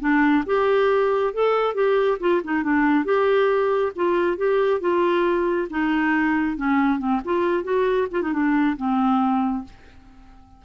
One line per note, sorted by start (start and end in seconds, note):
0.00 0.44 D4
0.46 1.33 G4
1.33 1.74 A4
1.74 2.18 G4
2.20 2.42 F4
2.44 2.63 D#4
2.63 3.05 D4
3.05 3.92 G4
3.95 4.37 F4
4.37 4.80 G4
4.80 5.68 F4
5.70 6.57 D#4
6.57 6.99 C#4
6.99 7.21 C4
7.25 7.63 F4
7.63 8.07 F#4
8.11 8.22 F4
8.22 8.33 D#4
8.33 8.76 D4
8.77 9.64 C4